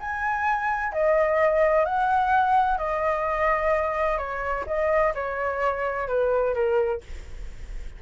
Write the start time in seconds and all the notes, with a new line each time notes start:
0.00 G#5
0.93 D#5
1.85 F#5
2.78 D#5
4.18 C#5
4.66 D#5
5.15 C#5
6.08 B4
6.54 A#4